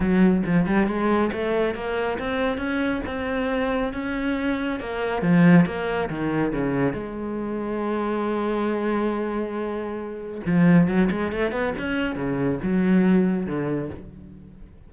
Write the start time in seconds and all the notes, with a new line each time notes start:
0.00 F#3
0.45 F3
0.66 G3
0.87 G#3
1.32 A3
1.75 A#3
2.18 C4
2.57 C#4
3.06 C4
3.93 C#4
4.80 A#3
5.22 F3
5.65 A#3
6.09 D#3
6.52 C#3
6.93 G#3
10.46 F3
10.87 F#3
11.10 G#3
11.32 A3
11.51 B3
11.78 C#4
12.15 C#3
12.62 F#3
13.46 D3